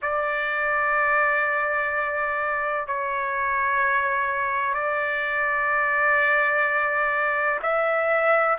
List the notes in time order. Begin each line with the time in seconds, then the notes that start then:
0.02 D5
2.87 C#5
4.74 D5
7.62 E5